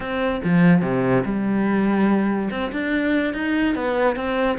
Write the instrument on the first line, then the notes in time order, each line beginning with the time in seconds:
cello
0.00 C4
0.44 F3
0.82 C3
1.24 G3
2.50 C4
2.72 D4
3.33 D#4
3.75 B3
4.16 C4